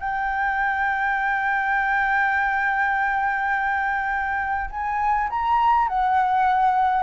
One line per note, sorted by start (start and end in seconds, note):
0.00 4.71 G5
4.71 5.29 G#5
5.30 5.89 A#5
5.89 7.03 F#5